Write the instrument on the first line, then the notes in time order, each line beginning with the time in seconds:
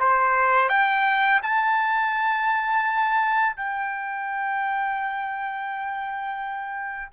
trumpet
0.00 C5
0.69 G5
1.43 A5
3.57 G5